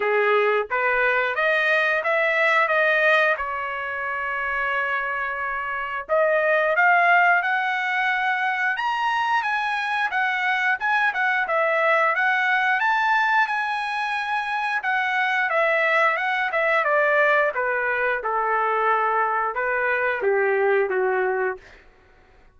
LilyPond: \new Staff \with { instrumentName = "trumpet" } { \time 4/4 \tempo 4 = 89 gis'4 b'4 dis''4 e''4 | dis''4 cis''2.~ | cis''4 dis''4 f''4 fis''4~ | fis''4 ais''4 gis''4 fis''4 |
gis''8 fis''8 e''4 fis''4 a''4 | gis''2 fis''4 e''4 | fis''8 e''8 d''4 b'4 a'4~ | a'4 b'4 g'4 fis'4 | }